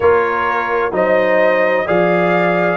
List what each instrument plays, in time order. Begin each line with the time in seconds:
0.00 tuba A#3, trombone F4, horn A#4, trumpet C#5
0.91 tuba F#3, trombone D#4, horn C5, trumpet D#5
1.86 tuba F3, trombone G#4, horn D5, trumpet F5